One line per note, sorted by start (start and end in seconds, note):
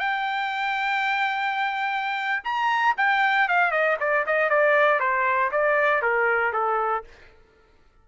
0.00 2.44 G5
2.44 2.96 A#5
2.98 3.49 G5
3.49 3.72 F5
3.72 3.97 D#5
4.00 4.26 D5
4.27 4.50 D#5
4.50 5.00 D5
5.00 5.51 C5
5.52 6.02 D5
6.02 6.53 A#4
6.53 7.04 A4